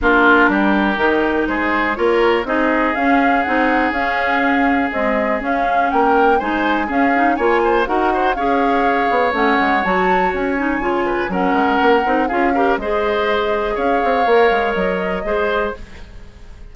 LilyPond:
<<
  \new Staff \with { instrumentName = "flute" } { \time 4/4 \tempo 4 = 122 ais'2. c''4 | cis''4 dis''4 f''4 fis''4 | f''2 dis''4 f''4 | g''4 gis''4 f''4 gis''4 |
fis''4 f''2 fis''4 | a''4 gis''2 fis''4~ | fis''4 f''4 dis''2 | f''2 dis''2 | }
  \new Staff \with { instrumentName = "oboe" } { \time 4/4 f'4 g'2 gis'4 | ais'4 gis'2.~ | gis'1 | ais'4 c''4 gis'4 cis''8 c''8 |
ais'8 c''8 cis''2.~ | cis''2~ cis''8 b'8 ais'4~ | ais'4 gis'8 ais'8 c''2 | cis''2. c''4 | }
  \new Staff \with { instrumentName = "clarinet" } { \time 4/4 d'2 dis'2 | f'4 dis'4 cis'4 dis'4 | cis'2 gis4 cis'4~ | cis'4 dis'4 cis'8 dis'8 f'4 |
fis'4 gis'2 cis'4 | fis'4. dis'8 f'4 cis'4~ | cis'8 dis'8 f'8 g'8 gis'2~ | gis'4 ais'2 gis'4 | }
  \new Staff \with { instrumentName = "bassoon" } { \time 4/4 ais4 g4 dis4 gis4 | ais4 c'4 cis'4 c'4 | cis'2 c'4 cis'4 | ais4 gis4 cis'4 ais4 |
dis'4 cis'4. b8 a8 gis8 | fis4 cis'4 cis4 fis8 gis8 | ais8 c'8 cis'4 gis2 | cis'8 c'8 ais8 gis8 fis4 gis4 | }
>>